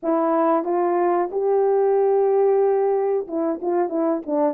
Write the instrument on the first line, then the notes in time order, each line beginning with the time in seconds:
horn
0.03 E4
0.64 F4
1.31 G4
3.27 E4
3.61 F4
3.89 E4
4.26 D4